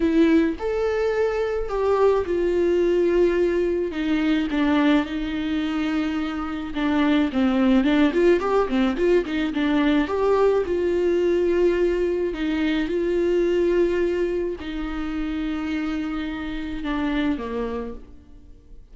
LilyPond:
\new Staff \with { instrumentName = "viola" } { \time 4/4 \tempo 4 = 107 e'4 a'2 g'4 | f'2. dis'4 | d'4 dis'2. | d'4 c'4 d'8 f'8 g'8 c'8 |
f'8 dis'8 d'4 g'4 f'4~ | f'2 dis'4 f'4~ | f'2 dis'2~ | dis'2 d'4 ais4 | }